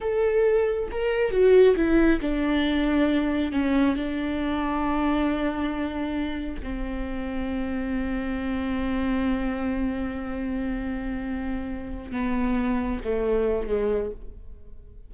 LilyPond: \new Staff \with { instrumentName = "viola" } { \time 4/4 \tempo 4 = 136 a'2 ais'4 fis'4 | e'4 d'2. | cis'4 d'2.~ | d'2. c'4~ |
c'1~ | c'1~ | c'2.~ c'8 b8~ | b4. a4. gis4 | }